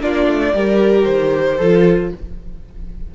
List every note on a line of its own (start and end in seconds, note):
0.00 0.27 A#3
0.00 0.54 D4
0.00 0.54 F4
0.00 1.04 D5
0.27 0.53 A3
0.53 1.06 G3
0.53 1.60 G4
0.53 1.57 A#4
1.04 1.59 D#3
1.04 2.10 C5
1.57 2.12 F3
1.57 2.14 F4
1.57 2.10 A4